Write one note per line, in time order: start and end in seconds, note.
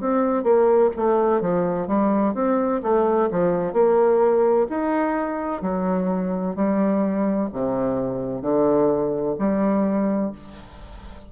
0.00 0.43 C4
0.43 0.90 A#3
0.96 1.41 A3
1.41 1.87 F3
1.87 2.34 G3
2.34 2.81 C4
2.83 3.29 A3
3.31 3.73 F3
3.73 4.67 A#3
4.69 5.62 D#4
5.62 6.55 F#3
6.55 7.49 G3
7.53 8.42 C3
8.42 9.35 D3
9.38 10.32 G3